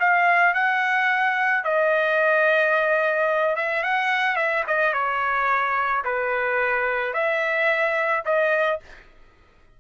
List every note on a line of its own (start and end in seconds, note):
0.00 0.54 F5
0.54 1.64 F#5
1.64 3.56 D#5
3.56 3.83 E5
3.83 4.36 F#5
4.36 4.64 E5
4.67 4.93 D#5
4.93 6.04 C#5
6.05 7.14 B4
7.14 8.24 E5
8.25 8.80 D#5